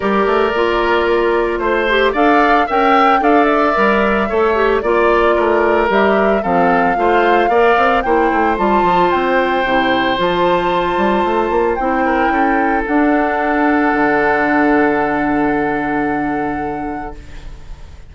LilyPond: <<
  \new Staff \with { instrumentName = "flute" } { \time 4/4 \tempo 4 = 112 d''2. c''4 | f''4 g''4 f''8 e''4.~ | e''4 d''2 e''4 | f''2. g''4 |
a''4 g''2 a''4~ | a''2 g''2 | fis''1~ | fis''1 | }
  \new Staff \with { instrumentName = "oboe" } { \time 4/4 ais'2. c''4 | d''4 e''4 d''2 | cis''4 d''4 ais'2 | a'4 c''4 d''4 c''4~ |
c''1~ | c''2~ c''8 ais'8 a'4~ | a'1~ | a'1 | }
  \new Staff \with { instrumentName = "clarinet" } { \time 4/4 g'4 f'2~ f'8 g'8 | a'4 ais'4 a'4 ais'4 | a'8 g'8 f'2 g'4 | c'4 f'4 ais'4 e'4 |
f'2 e'4 f'4~ | f'2 e'2 | d'1~ | d'1 | }
  \new Staff \with { instrumentName = "bassoon" } { \time 4/4 g8 a8 ais2 a4 | d'4 cis'4 d'4 g4 | a4 ais4 a4 g4 | f4 a4 ais8 c'8 ais8 a8 |
g8 f8 c'4 c4 f4~ | f8 g8 a8 ais8 c'4 cis'4 | d'2 d2~ | d1 | }
>>